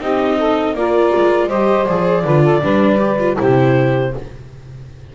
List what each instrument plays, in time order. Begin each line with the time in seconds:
0.00 double bass C4, viola D#4, saxophone G4, clarinet D#5
0.37 saxophone A4
0.74 double bass A#3, viola F4, saxophone A#4, clarinet D5
1.15 double bass G#3
1.48 double bass G3, viola G4, saxophone C5, clarinet D#5
1.86 double bass F3, viola G#4, clarinet D5
2.24 double bass D3, viola F4, saxophone B4
2.42 saxophone A4
2.61 double bass G3, viola D4, saxophone B4
2.98 viola G4
3.19 viola F4
3.36 double bass C3, viola E4, saxophone G4, clarinet C5